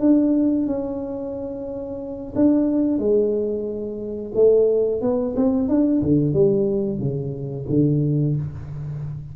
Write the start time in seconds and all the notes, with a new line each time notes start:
0.00 D4
0.67 C#4
2.35 D4
2.98 G#3
4.35 A3
5.02 B3
5.36 C4
5.68 D4
6.02 D3
6.34 G3
6.99 C#3
7.70 D3